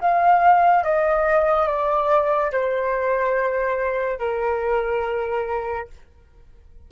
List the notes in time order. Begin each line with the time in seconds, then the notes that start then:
0.00 F5
0.83 D#5
1.67 D5
2.52 C5
4.18 A#4